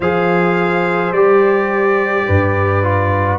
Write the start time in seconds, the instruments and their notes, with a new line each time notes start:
0.00 tuba F3, trombone G#4, horn C5, trumpet F5
1.11 tuba G3, trombone G4, trumpet D5
2.26 tuba G2, horn B4
2.83 trombone F4